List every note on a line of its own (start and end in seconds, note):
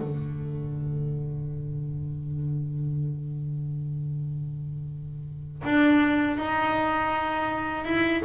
0.00 5.62 D3
5.65 6.38 D4
6.38 7.85 D#4
7.85 8.23 E4